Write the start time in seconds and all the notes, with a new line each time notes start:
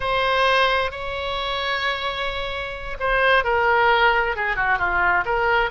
0.00 C5
0.91 C#5
2.99 C5
3.44 A#4
4.36 G#4
4.56 F#4
4.78 F4
5.25 A#4